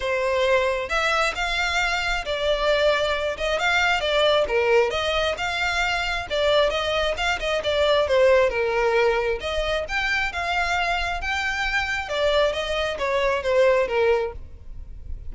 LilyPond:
\new Staff \with { instrumentName = "violin" } { \time 4/4 \tempo 4 = 134 c''2 e''4 f''4~ | f''4 d''2~ d''8 dis''8 | f''4 d''4 ais'4 dis''4 | f''2 d''4 dis''4 |
f''8 dis''8 d''4 c''4 ais'4~ | ais'4 dis''4 g''4 f''4~ | f''4 g''2 d''4 | dis''4 cis''4 c''4 ais'4 | }